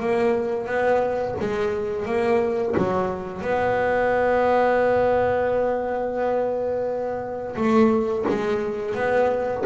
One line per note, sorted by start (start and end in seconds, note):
0.00 0.66 A#3
0.66 1.35 B3
1.40 2.06 G#3
2.06 2.75 A#3
2.77 3.41 F#3
3.41 7.55 B3
7.56 8.25 A3
8.28 8.95 G#3
8.95 9.64 B3